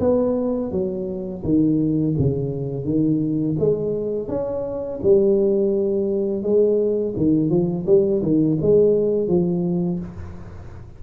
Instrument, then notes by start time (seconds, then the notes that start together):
tuba
0.00 B3
0.72 F#3
1.44 D#3
2.19 C#3
2.85 D#3
3.59 G#3
4.29 C#4
5.03 G3
6.43 G#3
7.17 D#3
7.50 F3
7.86 G3
8.22 D#3
8.61 G#3
9.28 F3